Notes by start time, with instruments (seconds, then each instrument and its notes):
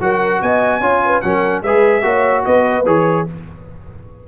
0.00 tuba F#3, trombone F#4, horn A#4, trumpet F#5
0.41 tuba B3, horn D#5, trumpet G#5
0.80 tuba C#4, trombone F4, horn C#5
1.05 horn B4
1.21 tuba F#3, trombone C#4, horn A#4, trumpet F#5
1.63 tuba G#3, trombone G#4, horn B4, trumpet E5
2.02 tuba A#3, trombone F#4, horn C#5
2.45 tuba B3, horn B4, trumpet D#5
2.85 tuba E3, trombone G#4, trumpet C#5